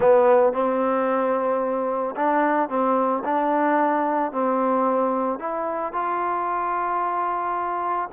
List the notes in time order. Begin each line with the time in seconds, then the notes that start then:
0.00 B3
0.53 C4
2.16 D4
2.69 C4
3.24 D4
4.32 C4
5.39 E4
5.92 F4